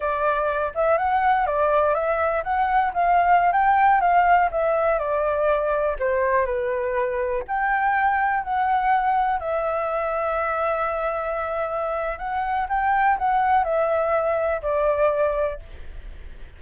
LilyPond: \new Staff \with { instrumentName = "flute" } { \time 4/4 \tempo 4 = 123 d''4. e''8 fis''4 d''4 | e''4 fis''4 f''4~ f''16 g''8.~ | g''16 f''4 e''4 d''4.~ d''16~ | d''16 c''4 b'2 g''8.~ |
g''4~ g''16 fis''2 e''8.~ | e''1~ | e''4 fis''4 g''4 fis''4 | e''2 d''2 | }